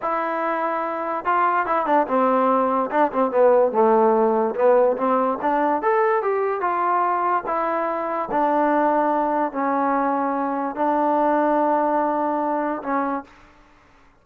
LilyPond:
\new Staff \with { instrumentName = "trombone" } { \time 4/4 \tempo 4 = 145 e'2. f'4 | e'8 d'8 c'2 d'8 c'8 | b4 a2 b4 | c'4 d'4 a'4 g'4 |
f'2 e'2 | d'2. cis'4~ | cis'2 d'2~ | d'2. cis'4 | }